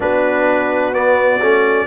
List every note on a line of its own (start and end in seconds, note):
0.00 1.40 B3
0.00 0.93 D4
0.00 1.87 F#4
0.00 0.94 B4
0.93 1.40 B3
0.93 1.87 D5
1.40 1.87 A3
1.40 1.87 C#4